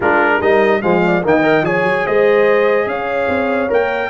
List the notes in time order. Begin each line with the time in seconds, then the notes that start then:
0.00 G#3 D4 F4 A#4
0.40 G3 D#4 A#4 D#5
0.81 F3 G#3 C5 F5
1.05 D5
1.23 D#3 A#3 D#5 G5
1.42 A#4
1.62 F3 G#4 C#5 G#5
1.83 F#3
2.05 G#3 C5 D#5
2.86 C#4 C#5 F5
3.28 C4
3.68 A#3 A#4 G5